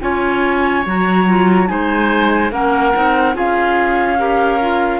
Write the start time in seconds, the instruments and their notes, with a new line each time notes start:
0.00 cello C#4, clarinet F4, oboe C#5, flute G#5
0.85 cello F#3, clarinet F#4, flute A#5
1.27 clarinet F4
1.66 cello G#3, clarinet D#4, oboe C5, flute G#5
2.51 cello A#3, clarinet C#4, oboe A#4, flute F#5
2.94 cello C4, clarinet D#4
3.33 cello C#4, clarinet F4, oboe G#4, flute F5
4.17 clarinet G4, oboe A#4
4.61 clarinet F4